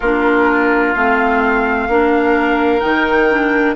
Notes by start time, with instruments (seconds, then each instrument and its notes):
0.00 bassoon A#3, clarinet D4, oboe F4, flute A#4
0.93 bassoon A3, clarinet C4, flute F5
1.88 bassoon A#3, clarinet D4, oboe A#4
2.80 bassoon D#3, clarinet D#4, flute G5
3.30 clarinet D4